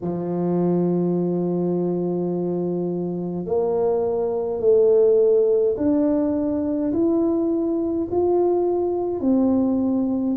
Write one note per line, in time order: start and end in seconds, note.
0.01 3.45 F3
3.45 4.59 A#3
4.59 5.75 A3
5.77 6.92 D4
6.92 8.08 E4
8.11 9.20 F4
9.20 10.35 C4